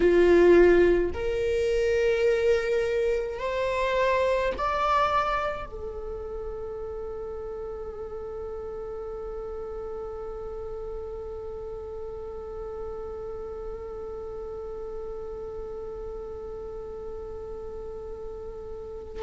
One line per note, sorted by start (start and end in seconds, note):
0.00 1.10 F4
1.13 3.39 A#4
3.39 4.52 C5
4.57 5.66 D5
5.66 19.22 A4